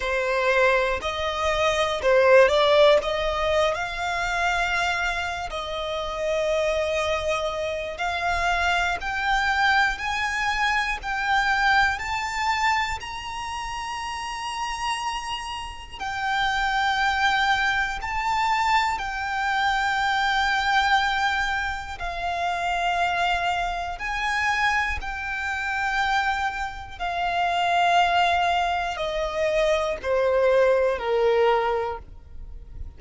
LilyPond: \new Staff \with { instrumentName = "violin" } { \time 4/4 \tempo 4 = 60 c''4 dis''4 c''8 d''8 dis''8. f''16~ | f''4. dis''2~ dis''8 | f''4 g''4 gis''4 g''4 | a''4 ais''2. |
g''2 a''4 g''4~ | g''2 f''2 | gis''4 g''2 f''4~ | f''4 dis''4 c''4 ais'4 | }